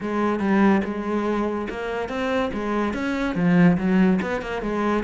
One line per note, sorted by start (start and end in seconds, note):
0.00 0.39 G#3
0.39 0.81 G3
0.84 1.68 G#3
1.69 2.08 A#3
2.08 2.50 C4
2.53 2.93 G#3
2.93 3.35 C#4
3.35 3.77 F3
3.77 4.19 F#3
4.21 4.41 B3
4.41 4.62 A#3
4.62 5.03 G#3